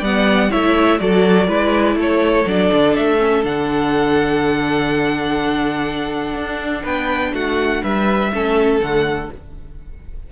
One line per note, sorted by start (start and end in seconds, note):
0.00 0.49 G3
0.00 0.50 B3
0.00 0.49 D5
0.00 0.51 F#5
0.50 0.99 A3
0.50 0.98 E4
0.50 0.99 C#5
0.50 0.99 E5
0.98 1.48 F#3
0.98 1.47 F#4
0.98 1.47 A4
0.98 1.96 D5
1.47 1.95 G#3
1.47 2.45 E4
1.47 1.96 B4
1.95 2.44 A3
1.95 6.82 A4
1.95 2.48 C#5
2.46 2.70 F#3
2.46 3.18 D4
2.46 2.95 D5
2.72 2.96 D3
2.95 3.44 A3
2.95 3.44 E5
3.18 3.42 C#4
3.42 6.34 D3
3.42 8.30 D4
3.42 6.85 F#5
6.34 6.83 D4
6.82 7.33 B3
6.82 7.31 B4
6.82 7.34 G5
7.33 7.82 A3
7.33 7.83 F#4
7.33 7.83 F#5
7.83 8.32 G3
7.83 8.32 B4
7.83 8.80 E5
8.32 8.79 A3
8.32 8.81 C#4
8.32 9.31 A4
8.79 9.28 D3
8.79 9.30 A3
8.79 9.30 F#5